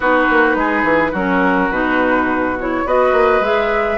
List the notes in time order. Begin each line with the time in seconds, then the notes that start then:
0.00 B3 D#4 F#4 B4
0.29 A#3
0.55 G#3 G#4
0.83 E3
1.11 F#3 C#4 F#4 A#4
1.69 B2 D#4 B4
2.59 E4 C#5
2.85 B3 F#4 B4 D#5
3.12 A#3
3.40 G#3 G#4 E5